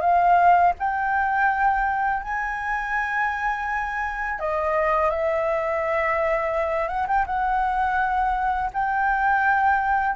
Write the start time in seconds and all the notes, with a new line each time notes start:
0.00 F5
0.79 G5
2.22 G#5
4.39 D#5
5.10 E5
6.88 F#5
7.07 G5
7.26 F#5
8.73 G5